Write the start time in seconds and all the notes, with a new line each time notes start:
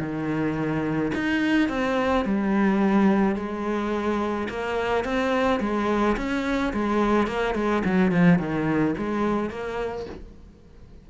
0.00 D#3
1.15 D#4
1.69 C4
2.25 G3
3.36 G#3
4.50 A#3
5.05 C4
5.60 G#3
6.17 C#4
6.74 G#3
7.28 A#3
7.55 G#3
7.85 F#3
8.12 F3
8.39 D#3
8.98 G#3
9.50 A#3